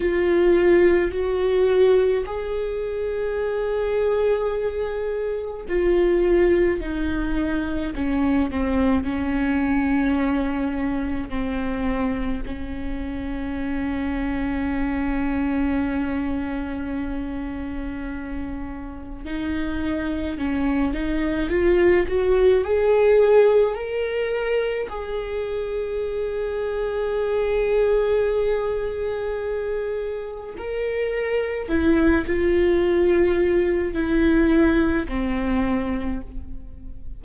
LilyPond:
\new Staff \with { instrumentName = "viola" } { \time 4/4 \tempo 4 = 53 f'4 fis'4 gis'2~ | gis'4 f'4 dis'4 cis'8 c'8 | cis'2 c'4 cis'4~ | cis'1~ |
cis'4 dis'4 cis'8 dis'8 f'8 fis'8 | gis'4 ais'4 gis'2~ | gis'2. ais'4 | e'8 f'4. e'4 c'4 | }